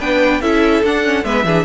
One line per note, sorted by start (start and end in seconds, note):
0.00 0.42 B3
0.00 0.42 D4
0.00 0.42 B4
0.00 0.42 G5
0.42 0.83 C#4
0.42 0.84 E4
0.42 1.25 A4
0.42 0.84 E5
0.84 1.24 D4
0.84 1.04 D4
0.84 1.25 F#5
1.04 1.24 C#4
1.24 1.44 G#3
1.24 1.45 B3
1.24 1.46 B4
1.24 1.65 E5
1.44 1.65 E3
1.44 1.65 D4
1.44 1.65 G#4